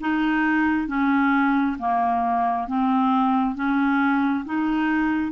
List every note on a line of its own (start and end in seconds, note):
0.00 0.87 D#4
0.87 1.77 C#4
1.78 2.67 A#3
2.67 3.55 C4
3.55 4.45 C#4
4.45 5.32 D#4